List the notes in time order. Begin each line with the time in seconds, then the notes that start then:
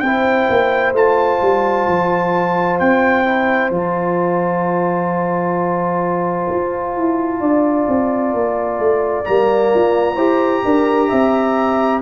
0.00 C4 C5 G5
0.06 E4
0.50 A#3
0.93 A3 F4 A5
1.42 G3
1.88 F3
2.80 C4 G5
3.25 E4
3.70 F3 F4 A5
6.51 F4
6.97 E4
7.40 D4 D5
7.88 C4
8.34 A#3
8.79 A3
9.25 G3 A#3 A#5
9.75 F4
10.16 E4 G4 C5
10.65 D4 A#4
11.09 C4 E5